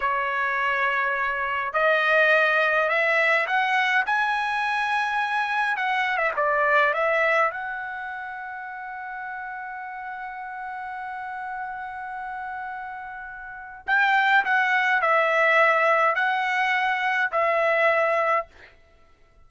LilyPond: \new Staff \with { instrumentName = "trumpet" } { \time 4/4 \tempo 4 = 104 cis''2. dis''4~ | dis''4 e''4 fis''4 gis''4~ | gis''2 fis''8. e''16 d''4 | e''4 fis''2.~ |
fis''1~ | fis''1 | g''4 fis''4 e''2 | fis''2 e''2 | }